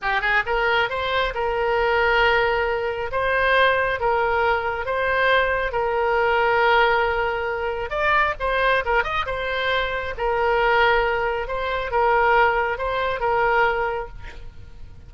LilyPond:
\new Staff \with { instrumentName = "oboe" } { \time 4/4 \tempo 4 = 136 g'8 gis'8 ais'4 c''4 ais'4~ | ais'2. c''4~ | c''4 ais'2 c''4~ | c''4 ais'2.~ |
ais'2 d''4 c''4 | ais'8 dis''8 c''2 ais'4~ | ais'2 c''4 ais'4~ | ais'4 c''4 ais'2 | }